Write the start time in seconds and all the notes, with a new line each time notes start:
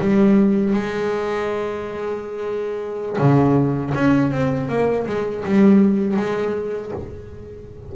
0.00 G3
0.73 G#3
3.18 C#3
3.94 C#4
4.31 C4
4.68 A#3
5.07 G#3
5.45 G3
6.17 G#3